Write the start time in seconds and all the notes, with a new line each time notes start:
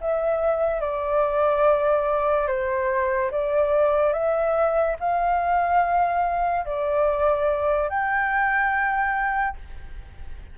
0.00 E5
0.80 D5
2.47 C5
3.31 D5
4.12 E5
4.99 F5
6.65 D5
7.89 G5